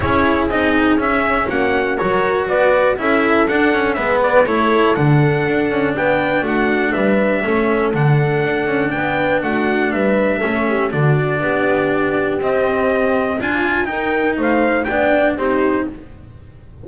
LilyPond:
<<
  \new Staff \with { instrumentName = "trumpet" } { \time 4/4 \tempo 4 = 121 cis''4 dis''4 e''4 fis''4 | cis''4 d''4 e''4 fis''4 | e''8 d''8 cis''4 fis''2 | g''4 fis''4 e''2 |
fis''2 g''4 fis''4 | e''2 d''2~ | d''4 dis''2 gis''4 | g''4 f''4 g''4 c''4 | }
  \new Staff \with { instrumentName = "horn" } { \time 4/4 gis'2. fis'4 | ais'4 b'4 a'2 | b'4 a'2. | b'4 fis'4 b'4 a'4~ |
a'2 b'4 fis'4 | b'4 a'8 g'8 fis'4 g'4~ | g'2. f'4 | ais'4 c''4 d''4 g'4 | }
  \new Staff \with { instrumentName = "cello" } { \time 4/4 e'4 dis'4 cis'2 | fis'2 e'4 d'8 cis'8 | b4 e'4 d'2~ | d'2. cis'4 |
d'1~ | d'4 cis'4 d'2~ | d'4 c'2 f'4 | dis'2 d'4 dis'4 | }
  \new Staff \with { instrumentName = "double bass" } { \time 4/4 cis'4 c'4 cis'4 ais4 | fis4 b4 cis'4 d'4 | gis4 a4 d4 d'8 cis'8 | b4 a4 g4 a4 |
d4 d'8 cis'8 b4 a4 | g4 a4 d4 b4~ | b4 c'2 d'4 | dis'4 a4 b4 c'4 | }
>>